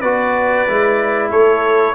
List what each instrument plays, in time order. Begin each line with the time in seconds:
0.00 tuba B3, trombone F#4, horn B4, trumpet D5
0.68 tuba G#3, trombone E4
1.31 tuba A3, horn A4, trumpet C#5